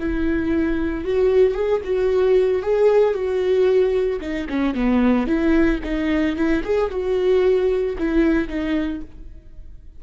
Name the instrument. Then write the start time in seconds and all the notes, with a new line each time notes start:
viola
0.00 E4
1.05 F#4
1.55 G#4
1.84 F#4
2.63 G#4
3.14 F#4
4.21 D#4
4.49 C#4
4.74 B3
5.27 E4
5.84 D#4
6.36 E4
6.64 G#4
6.91 F#4
7.98 E4
8.48 D#4